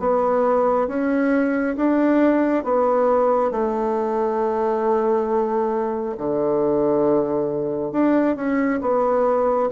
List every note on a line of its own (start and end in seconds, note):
0.00 0.88 B3
0.88 1.76 C#4
1.76 2.64 D4
2.64 3.51 B3
3.51 6.16 A3
6.18 7.92 D3
7.92 8.36 D4
8.36 8.80 C#4
8.82 9.70 B3